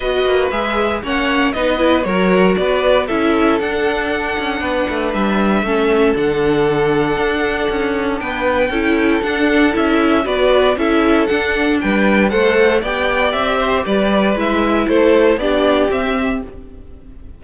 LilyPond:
<<
  \new Staff \with { instrumentName = "violin" } { \time 4/4 \tempo 4 = 117 dis''4 e''4 fis''4 dis''4 | cis''4 d''4 e''4 fis''4~ | fis''2 e''2 | fis''1 |
g''2 fis''4 e''4 | d''4 e''4 fis''4 g''4 | fis''4 g''4 e''4 d''4 | e''4 c''4 d''4 e''4 | }
  \new Staff \with { instrumentName = "violin" } { \time 4/4 b'2 cis''4 b'4 | ais'4 b'4 a'2~ | a'4 b'2 a'4~ | a'1 |
b'4 a'2. | b'4 a'2 b'4 | c''4 d''4. c''8 b'4~ | b'4 a'4 g'2 | }
  \new Staff \with { instrumentName = "viola" } { \time 4/4 fis'4 gis'4 cis'4 dis'8 e'8 | fis'2 e'4 d'4~ | d'2. cis'4 | d'1~ |
d'4 e'4 d'4 e'4 | fis'4 e'4 d'2 | a'4 g'2. | e'2 d'4 c'4 | }
  \new Staff \with { instrumentName = "cello" } { \time 4/4 b8 ais8 gis4 ais4 b4 | fis4 b4 cis'4 d'4~ | d'8 cis'8 b8 a8 g4 a4 | d2 d'4 cis'4 |
b4 cis'4 d'4 cis'4 | b4 cis'4 d'4 g4 | a4 b4 c'4 g4 | gis4 a4 b4 c'4 | }
>>